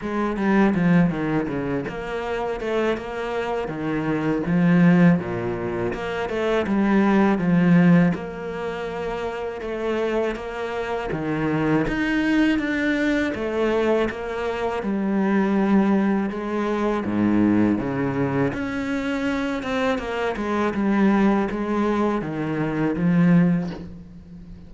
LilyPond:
\new Staff \with { instrumentName = "cello" } { \time 4/4 \tempo 4 = 81 gis8 g8 f8 dis8 cis8 ais4 a8 | ais4 dis4 f4 ais,4 | ais8 a8 g4 f4 ais4~ | ais4 a4 ais4 dis4 |
dis'4 d'4 a4 ais4 | g2 gis4 gis,4 | cis4 cis'4. c'8 ais8 gis8 | g4 gis4 dis4 f4 | }